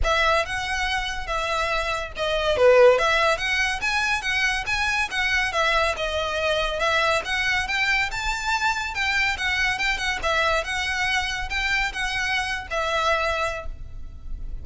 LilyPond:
\new Staff \with { instrumentName = "violin" } { \time 4/4 \tempo 4 = 141 e''4 fis''2 e''4~ | e''4 dis''4 b'4 e''4 | fis''4 gis''4 fis''4 gis''4 | fis''4 e''4 dis''2 |
e''4 fis''4 g''4 a''4~ | a''4 g''4 fis''4 g''8 fis''8 | e''4 fis''2 g''4 | fis''4.~ fis''16 e''2~ e''16 | }